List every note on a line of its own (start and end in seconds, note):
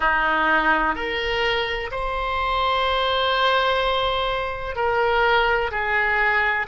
0.00 0.95 D#4
0.95 1.90 A#4
1.91 4.75 C5
4.75 5.71 A#4
5.71 6.66 G#4